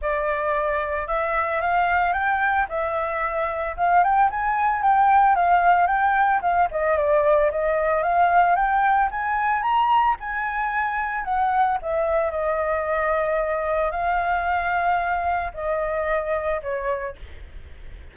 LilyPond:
\new Staff \with { instrumentName = "flute" } { \time 4/4 \tempo 4 = 112 d''2 e''4 f''4 | g''4 e''2 f''8 g''8 | gis''4 g''4 f''4 g''4 | f''8 dis''8 d''4 dis''4 f''4 |
g''4 gis''4 ais''4 gis''4~ | gis''4 fis''4 e''4 dis''4~ | dis''2 f''2~ | f''4 dis''2 cis''4 | }